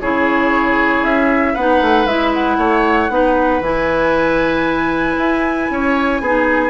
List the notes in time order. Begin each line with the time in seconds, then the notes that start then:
0.00 C#3 E4 G#4 C#5
1.03 C#4 E5
1.53 B3 D#4 B4 F#5
1.81 A3
2.05 G#3 E4 E5
2.33 F#5
2.57 A3 C#5
3.09 B3 D#4 B4
3.60 E3 E4 G#5
5.17 E4
5.70 C#4 C#5
6.20 B3 D#4 G#4